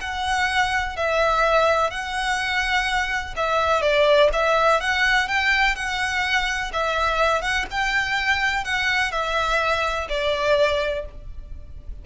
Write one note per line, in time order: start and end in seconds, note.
0.00 0.96 F#5
0.96 1.90 E5
1.90 3.34 F#5
3.36 3.81 E5
3.81 4.29 D5
4.32 4.80 E5
4.80 5.28 F#5
5.28 5.75 G5
5.75 6.71 F#5
6.72 7.41 E5
7.41 7.65 F#5
7.70 8.64 G5
8.64 9.11 F#5
9.11 10.07 E5
10.09 11.05 D5